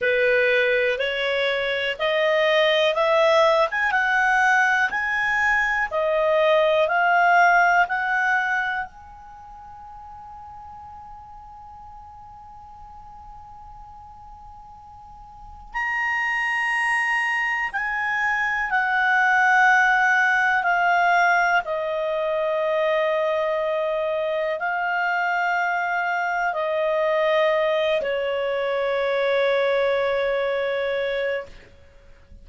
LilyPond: \new Staff \with { instrumentName = "clarinet" } { \time 4/4 \tempo 4 = 61 b'4 cis''4 dis''4 e''8. gis''16 | fis''4 gis''4 dis''4 f''4 | fis''4 gis''2.~ | gis''1 |
ais''2 gis''4 fis''4~ | fis''4 f''4 dis''2~ | dis''4 f''2 dis''4~ | dis''8 cis''2.~ cis''8 | }